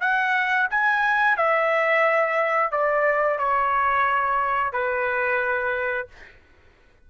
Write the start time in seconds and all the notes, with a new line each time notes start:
0.00 F#5
0.70 G#5
1.36 E5
2.71 D5
3.38 C#5
4.72 B4